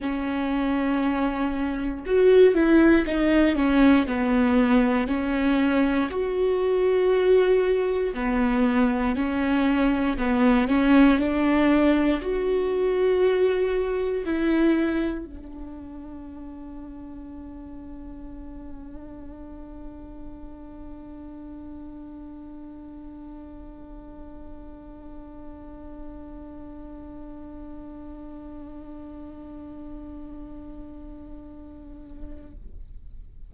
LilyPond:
\new Staff \with { instrumentName = "viola" } { \time 4/4 \tempo 4 = 59 cis'2 fis'8 e'8 dis'8 cis'8 | b4 cis'4 fis'2 | b4 cis'4 b8 cis'8 d'4 | fis'2 e'4 d'4~ |
d'1~ | d'1~ | d'1~ | d'1 | }